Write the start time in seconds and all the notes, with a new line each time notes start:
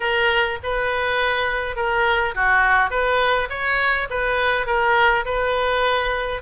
0.00 A#4
0.63 B4
1.76 A#4
2.35 F#4
2.90 B4
3.50 C#5
4.10 B4
4.66 A#4
5.25 B4